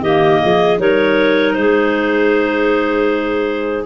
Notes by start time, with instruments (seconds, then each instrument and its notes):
0.00 tuba D#3, clarinet A#3 G4 D#5
0.41 tuba F3, clarinet G#4
0.77 tuba G3, clarinet D#4 A#4 C#5
1.53 tuba G#3, clarinet G#4 C5